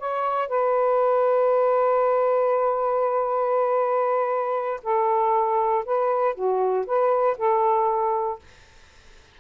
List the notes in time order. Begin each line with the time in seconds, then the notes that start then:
0.00 C#5
0.49 B4
4.84 A4
5.86 B4
6.35 F#4
6.87 B4
7.38 A4